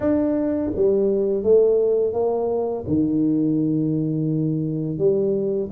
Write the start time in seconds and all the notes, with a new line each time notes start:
0.00 D4
0.75 G3
1.43 A3
2.13 A#3
2.87 D#3
4.98 G3